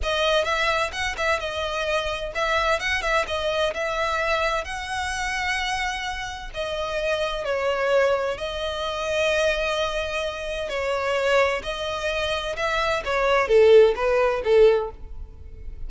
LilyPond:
\new Staff \with { instrumentName = "violin" } { \time 4/4 \tempo 4 = 129 dis''4 e''4 fis''8 e''8 dis''4~ | dis''4 e''4 fis''8 e''8 dis''4 | e''2 fis''2~ | fis''2 dis''2 |
cis''2 dis''2~ | dis''2. cis''4~ | cis''4 dis''2 e''4 | cis''4 a'4 b'4 a'4 | }